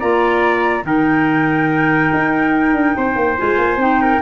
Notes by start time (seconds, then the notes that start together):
0.00 A#3 F4 D5 A#5
0.83 D#3 D#4 A#4 G5
2.13 D#4
2.74 D4
2.97 C4 C5
3.16 A#3
3.38 G#3 F4 G#5
3.59 A#3
3.77 C4 D#4 G5
4.02 A#4